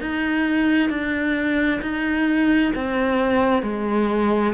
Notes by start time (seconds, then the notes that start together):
0.00 D#4
0.89 D4
1.81 D#4
2.75 C4
3.62 G#3